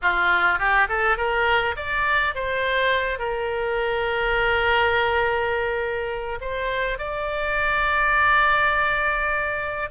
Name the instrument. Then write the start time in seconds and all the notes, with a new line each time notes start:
oboe
0.02 F4
0.58 G4
0.88 A4
1.17 A#4
1.76 D5
2.34 C5
3.19 A#4
6.40 C5
6.98 D5